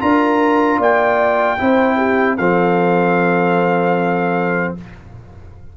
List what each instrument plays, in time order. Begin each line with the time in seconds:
0.00 tuba D4, trombone F4, horn A#4, trumpet A#5
0.79 tuba A#3, horn D5, trumpet G5
1.59 tuba C4, trombone E4, horn C5
1.97 horn G4
2.38 tuba F3, trombone C4, horn A4, trumpet F5